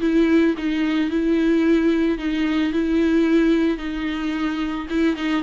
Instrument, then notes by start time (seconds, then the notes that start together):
viola
0.00 E4
0.57 D#4
1.10 E4
2.18 D#4
2.72 E4
3.77 D#4
4.89 E4
5.16 D#4